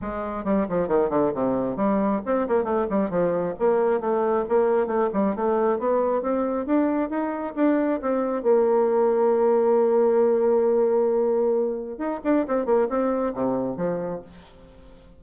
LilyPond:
\new Staff \with { instrumentName = "bassoon" } { \time 4/4 \tempo 4 = 135 gis4 g8 f8 dis8 d8 c4 | g4 c'8 ais8 a8 g8 f4 | ais4 a4 ais4 a8 g8 | a4 b4 c'4 d'4 |
dis'4 d'4 c'4 ais4~ | ais1~ | ais2. dis'8 d'8 | c'8 ais8 c'4 c4 f4 | }